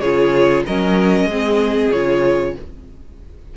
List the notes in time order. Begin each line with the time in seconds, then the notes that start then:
0.00 C#3 F4 G#4 C#5
0.66 F#3 C#4 A#4 D#5
1.25 G#3 C4 G#4
1.92 C#3 F4 C#5